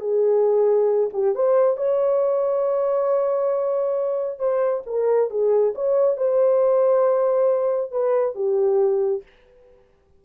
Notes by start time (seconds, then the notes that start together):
0.00 G#4
1.13 G4
1.35 C5
1.77 C#5
4.39 C5
4.86 A#4
5.30 G#4
5.75 C#5
6.17 C5
7.91 B4
8.35 G4